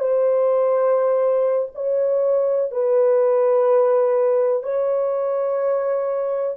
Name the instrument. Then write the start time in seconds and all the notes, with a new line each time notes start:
horn
0.00 C5
1.75 C#5
2.71 B4
4.63 C#5